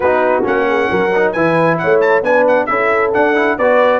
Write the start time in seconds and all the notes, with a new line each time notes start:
0.00 B3 D#4 F#4 B4
0.42 A#3 C#4 F#5
0.68 G#4
0.89 F#3 A#4
1.15 D#4
1.32 E3 E4 B4 G#5
1.78 C#5 F#5
1.84 A3
2.00 A5
2.22 B3 D4 B4 G#5
2.47 F#5
2.65 C#4 E4 A4 E5
3.13 D4 F#5
3.35 E4
3.57 B3 F#4 B4 D5